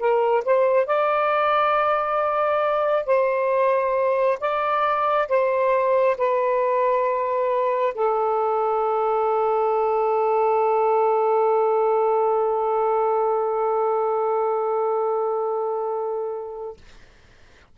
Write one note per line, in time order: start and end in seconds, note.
0.00 0.44 A#4
0.45 0.87 C5
0.87 3.06 D5
3.06 4.39 C5
4.40 5.29 D5
5.29 6.17 C5
6.18 7.95 B4
7.95 16.77 A4